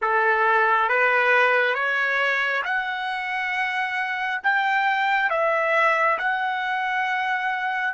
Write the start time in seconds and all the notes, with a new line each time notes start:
0.01 A4
0.88 B4
1.74 C#5
2.64 F#5
4.43 G5
5.29 E5
6.18 F#5